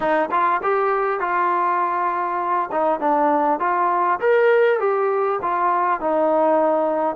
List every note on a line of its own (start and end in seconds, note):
0.00 0.29 D#4
0.31 0.61 F4
0.62 1.20 G4
1.20 2.70 F4
2.71 3.00 D#4
3.00 3.59 D4
3.59 4.19 F4
4.20 4.79 A#4
4.79 5.39 G4
5.41 6.00 F4
6.00 7.15 D#4